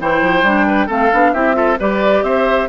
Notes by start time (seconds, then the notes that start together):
0.00 E3 E4 C5 G5
0.22 F3
0.43 G3 D4
0.66 B4
0.86 A3 C4 A4 F5
1.12 B3 D4
1.33 C4 E4 G4 E5
1.53 F4 A4
1.79 G3 G4 B4 D5
2.22 C4 C5 E5